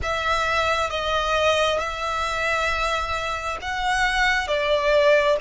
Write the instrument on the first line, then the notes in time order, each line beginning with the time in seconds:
violin
0.02 E5
0.90 D#5
1.78 E5
3.61 F#5
4.47 D5